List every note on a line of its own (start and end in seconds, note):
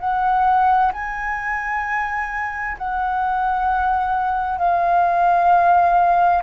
0.00 0.92 F#5
0.93 2.77 G#5
2.78 4.58 F#5
4.58 6.43 F5